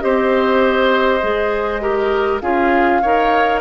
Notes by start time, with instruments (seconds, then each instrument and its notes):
0.00 bassoon C4, clarinet G4, oboe C5, flute D#5
1.22 bassoon G#3, clarinet G#4
1.80 clarinet G4, oboe A#4
2.41 bassoon C#4, clarinet F4, oboe G#4, flute F5
3.02 bassoon D#4, clarinet A#4, oboe C#5